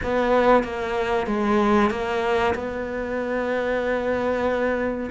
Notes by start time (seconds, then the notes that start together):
0.03 B3
0.63 A#3
1.26 G#3
1.90 A#3
2.54 B3